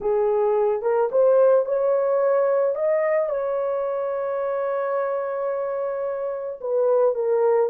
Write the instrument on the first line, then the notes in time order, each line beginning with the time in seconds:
horn
0.00 G#4
0.82 A#4
1.11 C5
1.65 C#5
2.75 D#5
3.29 C#5
6.60 B4
7.15 A#4